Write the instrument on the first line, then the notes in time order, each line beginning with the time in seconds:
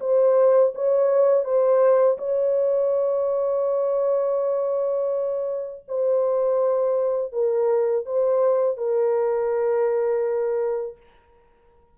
horn
0.00 C5
0.75 C#5
1.44 C5
2.18 C#5
5.88 C5
7.32 A#4
8.06 C5
8.77 A#4